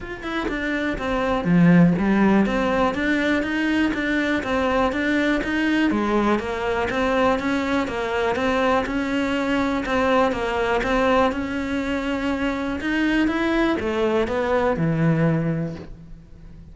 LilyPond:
\new Staff \with { instrumentName = "cello" } { \time 4/4 \tempo 4 = 122 f'8 e'8 d'4 c'4 f4 | g4 c'4 d'4 dis'4 | d'4 c'4 d'4 dis'4 | gis4 ais4 c'4 cis'4 |
ais4 c'4 cis'2 | c'4 ais4 c'4 cis'4~ | cis'2 dis'4 e'4 | a4 b4 e2 | }